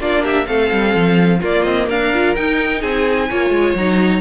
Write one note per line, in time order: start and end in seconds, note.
0.00 0.47 A#3
0.00 0.46 D4
0.00 0.23 F4
0.00 0.24 D5
0.23 0.46 G4
0.23 0.47 E5
0.46 0.71 A3
0.46 1.40 C4
0.46 1.39 A4
0.46 1.40 F5
0.71 0.95 G3
0.95 1.42 F3
1.39 1.64 A#3
1.39 2.13 A#3
1.39 1.86 F4
1.39 1.63 D5
1.63 1.88 C4
1.63 1.87 D#5
1.88 2.36 D4
1.88 2.81 A#4
1.88 2.35 F5
2.13 2.36 F4
2.35 3.30 D#4
2.35 2.83 D#4
2.35 2.82 G5
2.81 3.30 C4
2.81 3.28 G#4
2.81 3.76 G#5
3.29 3.50 A#3
3.29 3.77 F4
3.29 4.21 C#5
3.50 3.74 G#3
3.75 4.21 F#3
3.75 4.21 D#4
3.75 4.21 A#5